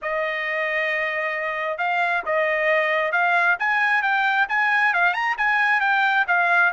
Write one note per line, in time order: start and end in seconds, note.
0.02 1.77 D#5
1.77 2.22 F5
2.25 3.12 D#5
3.12 3.56 F5
3.59 4.02 G#5
4.02 4.47 G5
4.48 4.93 G#5
4.93 5.13 F5
5.13 5.35 A#5
5.37 5.80 G#5
5.80 6.25 G5
6.27 6.72 F5